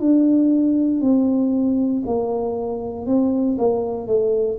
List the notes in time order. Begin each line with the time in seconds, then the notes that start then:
0.00 D4
1.01 C4
2.06 A#3
3.06 C4
3.58 A#3
4.07 A3